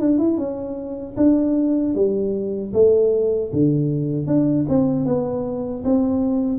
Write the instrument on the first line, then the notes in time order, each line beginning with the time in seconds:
tuba
0.00 D4
0.18 E4
0.38 C#4
1.17 D4
1.95 G3
2.73 A3
3.53 D3
4.27 D4
4.69 C4
5.06 B3
5.84 C4